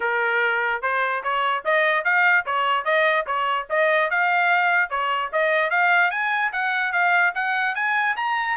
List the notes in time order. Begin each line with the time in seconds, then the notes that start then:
0.00 A#4
0.82 C5
1.23 C#5
1.65 D#5
2.04 F5
2.45 C#5
2.84 D#5
3.26 C#5
3.69 D#5
4.10 F5
4.89 C#5
5.32 D#5
5.70 F5
6.11 G#5
6.52 F#5
6.92 F5
7.35 F#5
7.75 G#5
8.16 A#5